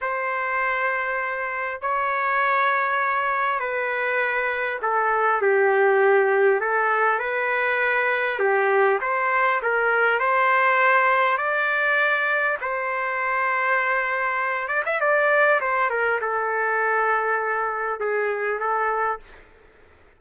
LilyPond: \new Staff \with { instrumentName = "trumpet" } { \time 4/4 \tempo 4 = 100 c''2. cis''4~ | cis''2 b'2 | a'4 g'2 a'4 | b'2 g'4 c''4 |
ais'4 c''2 d''4~ | d''4 c''2.~ | c''8 d''16 e''16 d''4 c''8 ais'8 a'4~ | a'2 gis'4 a'4 | }